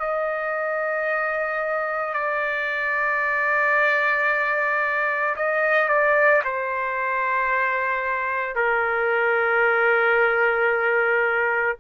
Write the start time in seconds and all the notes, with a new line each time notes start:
0.00 D#5
2.14 D5
5.36 D#5
5.89 D5
6.45 C5
8.56 A#4